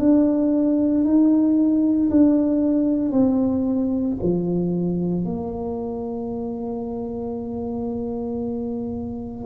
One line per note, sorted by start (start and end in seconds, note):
0.00 1.05 D4
1.05 2.10 D#4
2.11 3.12 D4
3.12 4.17 C4
4.23 5.25 F3
5.25 9.46 A#3